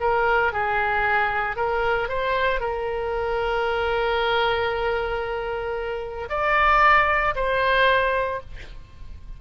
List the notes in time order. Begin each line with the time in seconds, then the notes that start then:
0.00 A#4
0.52 G#4
1.56 A#4
2.08 C5
2.60 A#4
6.29 D5
7.35 C5